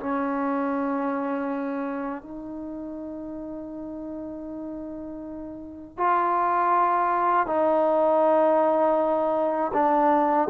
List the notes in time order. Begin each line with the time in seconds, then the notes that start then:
0.00 C#4
2.22 D#4
5.97 F4
7.47 D#4
9.73 D4